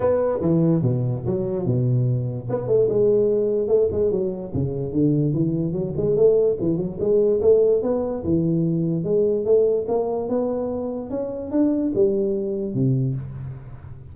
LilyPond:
\new Staff \with { instrumentName = "tuba" } { \time 4/4 \tempo 4 = 146 b4 e4 b,4 fis4 | b,2 b8 a8 gis4~ | gis4 a8 gis8 fis4 cis4 | d4 e4 fis8 gis8 a4 |
e8 fis8 gis4 a4 b4 | e2 gis4 a4 | ais4 b2 cis'4 | d'4 g2 c4 | }